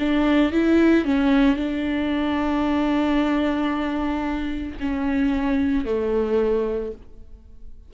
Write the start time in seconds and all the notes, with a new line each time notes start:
0.00 D4
0.53 E4
1.05 C#4
1.57 D4
4.80 C#4
5.85 A3